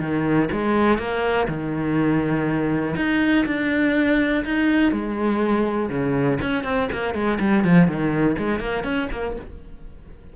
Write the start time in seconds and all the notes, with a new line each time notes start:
0.00 D#3
0.52 G#3
0.99 A#3
1.48 D#3
2.96 D#4
3.46 D4
4.45 D#4
4.92 G#3
5.90 C#3
6.42 C#4
6.64 C4
6.93 A#3
7.14 G#3
7.40 G3
7.65 F3
7.88 D#3
8.39 G#3
8.60 A#3
8.84 C#4
9.12 A#3